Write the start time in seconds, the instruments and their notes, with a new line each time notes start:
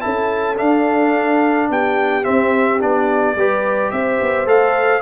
0.00 tuba C#4, trombone E4, horn A4, trumpet A5
0.57 trombone D4, tuba D4, trumpet F5
1.70 tuba B3, horn G4, trumpet G5
2.23 trombone C4, tuba C4, trumpet E5
2.80 tuba B3, trombone D4, trumpet D5
3.35 tuba G3, trombone G4, horn B4
3.91 tuba C4, horn C5, trumpet E5
4.21 tuba B3
4.46 tuba A3, trombone A4, trumpet F5